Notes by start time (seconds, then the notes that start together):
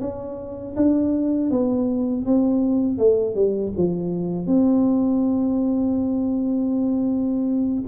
0.00 C#4
0.76 D4
1.50 B3
2.25 C4
2.98 A3
3.35 G3
3.76 F3
4.46 C4